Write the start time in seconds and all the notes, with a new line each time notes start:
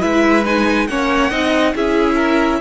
0.00 G#3 E4 B4 E5
0.45 D#4 G#5
0.87 A#3 C#4 C#5 F#5
1.31 C4 D#4 D#5
1.75 C#4 E4 G#4 E5
2.16 A#4